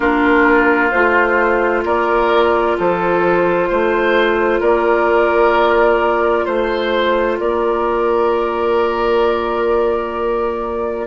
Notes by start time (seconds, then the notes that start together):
0.00 A#3 D4 F4 A#4
0.90 A3 F4 C5
1.84 A#3 A#4 D5
2.78 F3 A4 C5
3.69 A3 C5
4.60 A#3 A#4 D5
6.45 A3 C5
7.38 A#3 A#4 D5